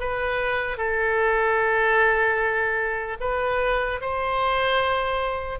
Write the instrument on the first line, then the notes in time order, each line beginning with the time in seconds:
oboe
0.00 B4
0.77 A4
3.20 B4
4.01 C5